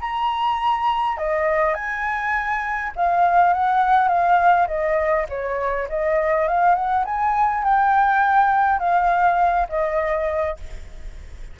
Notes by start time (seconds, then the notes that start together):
0.00 A#5
1.17 D#5
1.74 G#5
2.96 F5
3.53 F#5
4.08 F5
4.67 D#5
5.29 C#5
5.89 D#5
6.48 F5
6.75 F#5
7.05 G#5
7.64 G5
8.79 F5
9.69 D#5